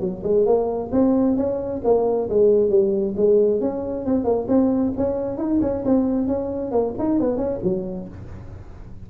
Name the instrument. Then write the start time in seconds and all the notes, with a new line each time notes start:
tuba
0.00 F#3
0.23 G#3
0.45 A#3
0.91 C4
1.36 C#4
1.84 A#3
2.29 G#3
2.69 G3
3.16 G#3
3.60 C#4
4.05 C4
4.24 A#3
4.48 C4
4.97 C#4
5.37 D#4
5.61 C#4
5.85 C4
6.27 C#4
6.71 A#3
6.98 D#4
7.20 B3
7.37 C#4
7.63 F#3